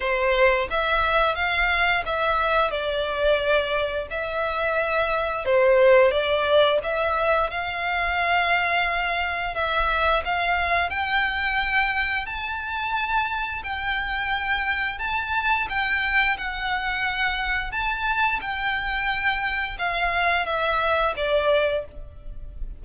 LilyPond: \new Staff \with { instrumentName = "violin" } { \time 4/4 \tempo 4 = 88 c''4 e''4 f''4 e''4 | d''2 e''2 | c''4 d''4 e''4 f''4~ | f''2 e''4 f''4 |
g''2 a''2 | g''2 a''4 g''4 | fis''2 a''4 g''4~ | g''4 f''4 e''4 d''4 | }